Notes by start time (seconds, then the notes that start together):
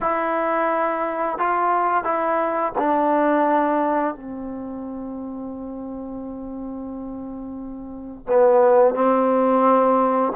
0.01 E4
1.38 F4
2.03 E4
2.78 D4
4.14 C4
8.26 B3
8.94 C4